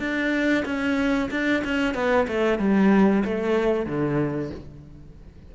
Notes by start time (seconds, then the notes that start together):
0.00 D4
0.66 C#4
1.31 D4
1.65 C#4
1.95 B3
2.28 A3
2.60 G3
3.26 A3
3.87 D3